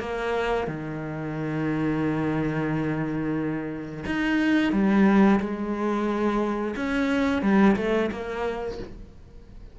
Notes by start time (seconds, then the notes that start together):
0.00 A#3
0.67 D#3
4.06 D#4
4.73 G3
5.40 G#3
6.76 C#4
7.42 G3
7.77 A3
8.11 A#3